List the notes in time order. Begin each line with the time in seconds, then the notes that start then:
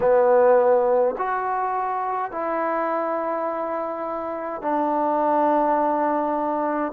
0.00 B3
1.17 F#4
2.31 E4
4.61 D4